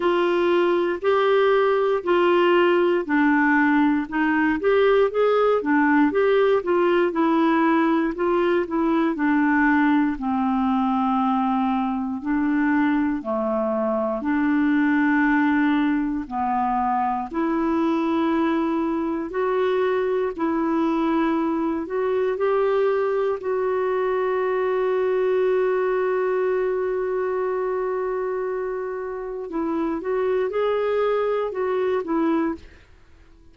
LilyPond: \new Staff \with { instrumentName = "clarinet" } { \time 4/4 \tempo 4 = 59 f'4 g'4 f'4 d'4 | dis'8 g'8 gis'8 d'8 g'8 f'8 e'4 | f'8 e'8 d'4 c'2 | d'4 a4 d'2 |
b4 e'2 fis'4 | e'4. fis'8 g'4 fis'4~ | fis'1~ | fis'4 e'8 fis'8 gis'4 fis'8 e'8 | }